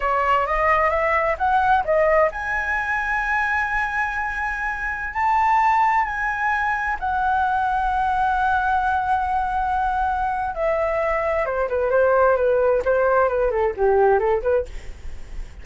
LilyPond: \new Staff \with { instrumentName = "flute" } { \time 4/4 \tempo 4 = 131 cis''4 dis''4 e''4 fis''4 | dis''4 gis''2.~ | gis''2.~ gis''16 a''8.~ | a''4~ a''16 gis''2 fis''8.~ |
fis''1~ | fis''2. e''4~ | e''4 c''8 b'8 c''4 b'4 | c''4 b'8 a'8 g'4 a'8 b'8 | }